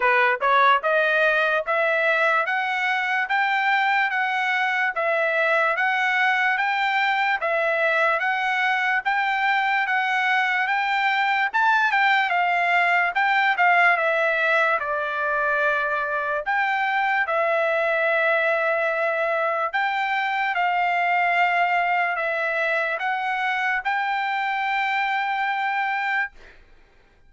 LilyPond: \new Staff \with { instrumentName = "trumpet" } { \time 4/4 \tempo 4 = 73 b'8 cis''8 dis''4 e''4 fis''4 | g''4 fis''4 e''4 fis''4 | g''4 e''4 fis''4 g''4 | fis''4 g''4 a''8 g''8 f''4 |
g''8 f''8 e''4 d''2 | g''4 e''2. | g''4 f''2 e''4 | fis''4 g''2. | }